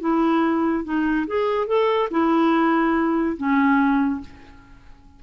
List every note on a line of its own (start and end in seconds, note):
0.00 0.84 E4
0.84 1.26 D#4
1.27 1.67 G#4
1.67 2.09 A4
2.10 3.36 E4
3.37 4.21 C#4